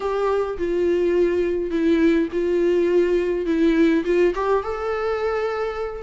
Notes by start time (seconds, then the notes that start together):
0.00 G4
0.58 F4
1.70 E4
2.32 F4
3.46 E4
4.04 F4
4.34 G4
4.63 A4